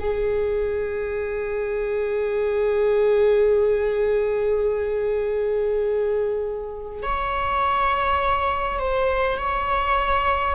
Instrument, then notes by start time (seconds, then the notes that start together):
viola
0.00 G#4
7.03 C#5
8.79 C5
9.38 C#5